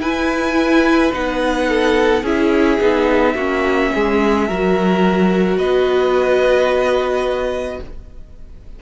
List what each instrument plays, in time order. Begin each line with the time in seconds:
0.00 cello E4, viola E4, violin B4 G#5
1.13 cello B3, viola D#4, violin F#5
1.69 violin A4
2.23 cello C#4, viola E4, violin G#4 E5
2.80 cello B3, viola D#4
3.35 cello A#3, viola C#4, violin F#4
3.94 cello G#3, violin G#4
4.48 cello F#3, viola F#4, violin A#4
5.58 cello B3, violin B4 D#5